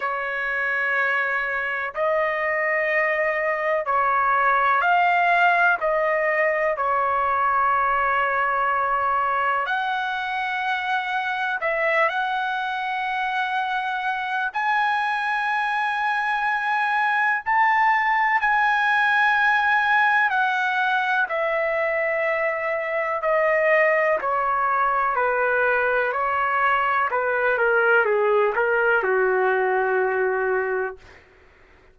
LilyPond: \new Staff \with { instrumentName = "trumpet" } { \time 4/4 \tempo 4 = 62 cis''2 dis''2 | cis''4 f''4 dis''4 cis''4~ | cis''2 fis''2 | e''8 fis''2~ fis''8 gis''4~ |
gis''2 a''4 gis''4~ | gis''4 fis''4 e''2 | dis''4 cis''4 b'4 cis''4 | b'8 ais'8 gis'8 ais'8 fis'2 | }